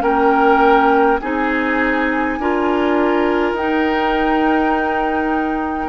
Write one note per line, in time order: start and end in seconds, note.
0.00 1.19 A#3
0.00 1.18 C#4
0.00 1.20 A#4
0.00 1.19 G5
1.20 2.38 C4
1.20 2.40 D#4
1.20 2.39 G#4
1.20 3.55 G#5
2.38 3.52 D4
2.38 3.57 F4
2.38 5.89 A#4
3.52 5.87 D#4
3.52 5.89 D#4
3.52 5.89 G5